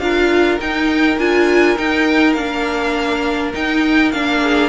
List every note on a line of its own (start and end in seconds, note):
0.00 0.59 D4
0.00 0.60 F4
0.00 4.42 A#4
0.00 0.59 F5
0.61 1.19 D#4
0.61 1.18 D#4
0.61 1.19 G5
1.18 1.77 D4
1.18 1.77 F4
1.18 1.78 G#5
1.77 2.36 D#4
1.77 2.33 G5
2.33 3.54 A#3
2.33 3.54 D4
2.33 3.51 F5
3.54 4.13 D#4
3.54 4.12 G5
4.12 4.70 A#3
4.12 4.70 D4
4.12 4.70 F5
4.42 4.70 G#4